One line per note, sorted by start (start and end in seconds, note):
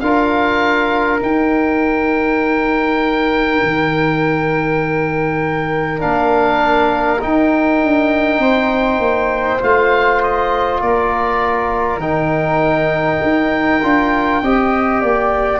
0.00 1.21 D4
0.00 1.20 F4
0.00 8.40 A#4
0.00 1.20 F5
1.20 5.99 D#4
1.20 3.62 D#4
1.20 6.02 G5
3.63 6.03 D#3
5.99 7.23 A#3
5.99 7.19 D4
5.99 7.21 F5
7.21 9.61 D#4
7.21 7.83 D#4
7.21 9.63 G5
7.83 8.39 D4
8.39 8.99 C4
8.39 10.80 C5
8.99 9.59 A#3
9.61 10.81 A3
9.61 12.01 F4
9.61 10.23 F5
10.23 10.81 D#5
10.81 11.97 A#3
10.81 14.44 A#4
10.81 12.01 D5
11.97 13.18 D#3
11.97 13.81 D#4
11.97 15.60 G5
13.23 13.83 D#4
13.83 14.42 D4
13.83 14.43 F4
14.42 15.02 C4
14.42 15.60 G4
14.42 15.02 D#5
15.02 15.60 A#3
15.02 15.60 D5